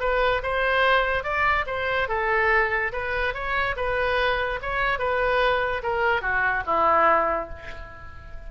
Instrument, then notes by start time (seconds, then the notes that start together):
oboe
0.00 B4
0.43 C5
1.23 D5
1.66 C5
2.09 A4
2.92 B4
3.34 C#5
3.76 B4
4.62 C#5
4.99 B4
5.83 A#4
6.22 F#4
6.66 E4